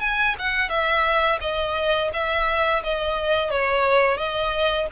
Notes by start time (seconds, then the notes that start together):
0.00 G#5
0.39 F#5
0.69 E5
1.40 D#5
2.13 E5
2.83 D#5
3.50 C#5
4.17 D#5